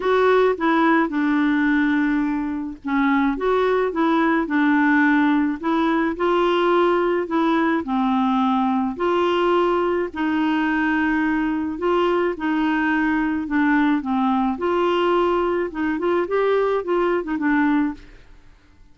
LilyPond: \new Staff \with { instrumentName = "clarinet" } { \time 4/4 \tempo 4 = 107 fis'4 e'4 d'2~ | d'4 cis'4 fis'4 e'4 | d'2 e'4 f'4~ | f'4 e'4 c'2 |
f'2 dis'2~ | dis'4 f'4 dis'2 | d'4 c'4 f'2 | dis'8 f'8 g'4 f'8. dis'16 d'4 | }